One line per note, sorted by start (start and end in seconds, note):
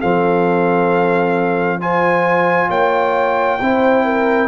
0.00 2.70 F3
0.00 1.81 C4
0.00 1.79 A4
0.00 1.80 F5
1.81 3.60 F4
1.81 2.69 C5
1.81 2.71 G#5
2.69 3.60 A#3
2.69 3.59 C#5
2.69 4.49 G5
3.61 4.49 C4
3.61 4.49 E4
3.61 4.05 C5
4.05 4.49 A#4